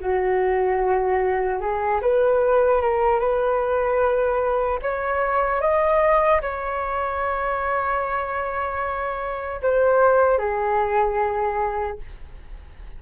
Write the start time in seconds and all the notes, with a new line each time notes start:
0.00 F#4
1.60 G#4
2.01 B4
2.81 A#4
3.19 B4
4.82 C#5
5.61 D#5
6.41 C#5
9.62 C5
10.38 G#4